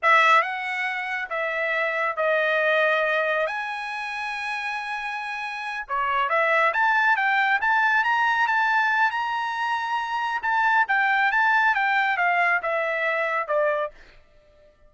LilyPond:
\new Staff \with { instrumentName = "trumpet" } { \time 4/4 \tempo 4 = 138 e''4 fis''2 e''4~ | e''4 dis''2. | gis''1~ | gis''4. cis''4 e''4 a''8~ |
a''8 g''4 a''4 ais''4 a''8~ | a''4 ais''2. | a''4 g''4 a''4 g''4 | f''4 e''2 d''4 | }